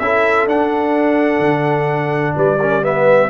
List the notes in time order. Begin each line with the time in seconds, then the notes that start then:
0.00 C#4 E4 A4 E5
0.47 D4 F#5
1.40 D3
2.35 G3 B4 D5
2.60 C#4 A#4
2.83 B3 B4 E5